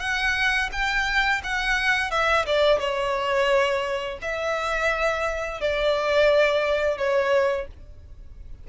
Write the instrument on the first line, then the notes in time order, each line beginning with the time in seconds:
violin
0.00 F#5
0.72 G5
1.44 F#5
2.11 E5
2.46 D5
2.79 C#5
4.22 E5
5.61 D5
6.98 C#5